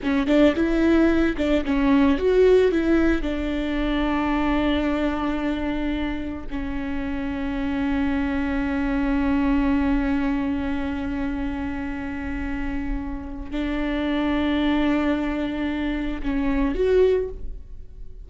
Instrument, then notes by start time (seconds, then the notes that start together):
viola
0.02 C#4
0.27 D4
0.55 E4
1.37 D4
1.65 C#4
2.18 F#4
2.71 E4
3.22 D4
6.50 C#4
13.51 D4
16.22 C#4
16.74 F#4